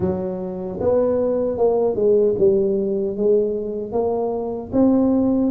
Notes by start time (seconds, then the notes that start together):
0.00 F#3
0.80 B3
1.57 A#3
1.95 G#3
2.38 G3
3.17 G#3
3.92 A#3
4.72 C4